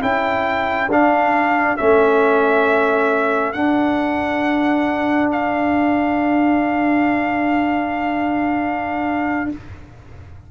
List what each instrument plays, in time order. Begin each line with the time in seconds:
0.00 tuba C#4, trombone E4, horn A4, trumpet G5
0.88 tuba D4, trombone D4, trumpet F5
1.77 tuba A3, trombone C#4, trumpet E5
3.53 trombone D4, tuba D4, trumpet F#5
5.31 trumpet F5